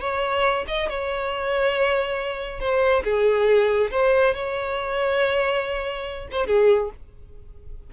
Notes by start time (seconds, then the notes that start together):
0.00 C#5
0.67 D#5
0.89 C#5
2.60 C5
3.04 G#4
3.91 C5
4.34 C#5
6.31 C5
6.47 G#4